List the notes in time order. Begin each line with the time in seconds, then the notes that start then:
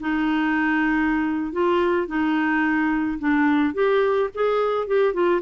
0.00 D#4
1.53 F4
2.08 D#4
3.19 D4
3.74 G4
4.34 G#4
4.87 G4
5.14 F4